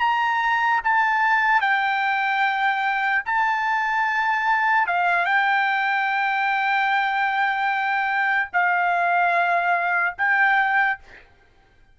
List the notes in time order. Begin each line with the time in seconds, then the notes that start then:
0.00 A#5
0.84 A5
1.61 G5
3.25 A5
4.87 F5
5.25 G5
8.53 F5
10.18 G5